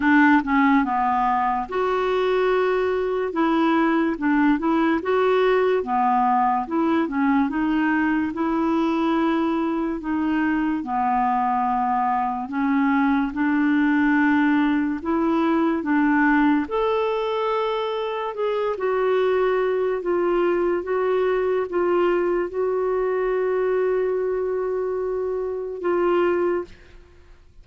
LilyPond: \new Staff \with { instrumentName = "clarinet" } { \time 4/4 \tempo 4 = 72 d'8 cis'8 b4 fis'2 | e'4 d'8 e'8 fis'4 b4 | e'8 cis'8 dis'4 e'2 | dis'4 b2 cis'4 |
d'2 e'4 d'4 | a'2 gis'8 fis'4. | f'4 fis'4 f'4 fis'4~ | fis'2. f'4 | }